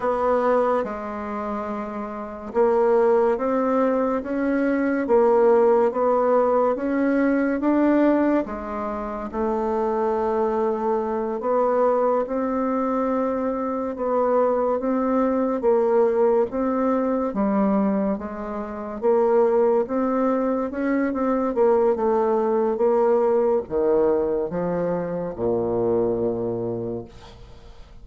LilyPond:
\new Staff \with { instrumentName = "bassoon" } { \time 4/4 \tempo 4 = 71 b4 gis2 ais4 | c'4 cis'4 ais4 b4 | cis'4 d'4 gis4 a4~ | a4. b4 c'4.~ |
c'8 b4 c'4 ais4 c'8~ | c'8 g4 gis4 ais4 c'8~ | c'8 cis'8 c'8 ais8 a4 ais4 | dis4 f4 ais,2 | }